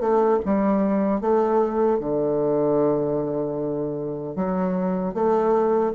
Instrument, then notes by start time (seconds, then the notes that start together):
bassoon
0.00 A3
0.46 G3
1.21 A3
1.99 D3
4.36 F#3
5.14 A3